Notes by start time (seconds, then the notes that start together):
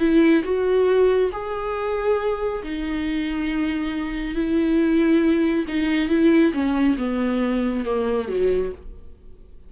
0.00 E4
0.44 F#4
1.33 G#4
2.63 D#4
4.35 E4
5.68 D#4
6.09 E4
6.54 C#4
6.98 B3
7.86 A#3
8.29 F#3